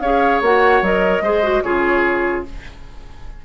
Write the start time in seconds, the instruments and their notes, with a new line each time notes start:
0.00 bassoon C#4, clarinet G#4, oboe C#5, flute F5
0.41 bassoon A#3, clarinet F#4, flute F#5
0.82 bassoon F#3, clarinet A#4, flute D#5
1.21 bassoon G#3, clarinet G#4, oboe C5
1.43 clarinet F#4
1.62 bassoon C#3, clarinet F4, oboe G#4, flute C#5